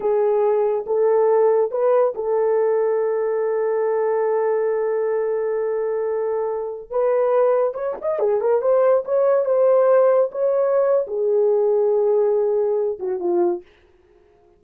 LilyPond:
\new Staff \with { instrumentName = "horn" } { \time 4/4 \tempo 4 = 141 gis'2 a'2 | b'4 a'2.~ | a'1~ | a'1~ |
a'16 b'2 cis''8 dis''8 gis'8 ais'16~ | ais'16 c''4 cis''4 c''4.~ c''16~ | c''16 cis''4.~ cis''16 gis'2~ | gis'2~ gis'8 fis'8 f'4 | }